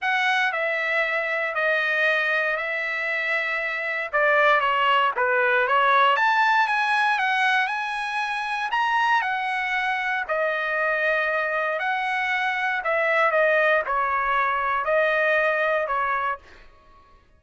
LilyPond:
\new Staff \with { instrumentName = "trumpet" } { \time 4/4 \tempo 4 = 117 fis''4 e''2 dis''4~ | dis''4 e''2. | d''4 cis''4 b'4 cis''4 | a''4 gis''4 fis''4 gis''4~ |
gis''4 ais''4 fis''2 | dis''2. fis''4~ | fis''4 e''4 dis''4 cis''4~ | cis''4 dis''2 cis''4 | }